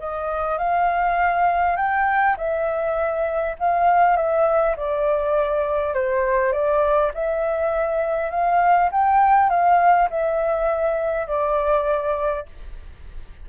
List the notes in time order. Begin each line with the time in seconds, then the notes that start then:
0.00 D#5
0.59 F5
1.77 G5
2.38 E5
3.59 F5
4.17 E5
4.77 D5
5.94 C5
6.53 D5
7.14 E5
8.31 F5
8.92 G5
9.50 F5
10.10 E5
11.28 D5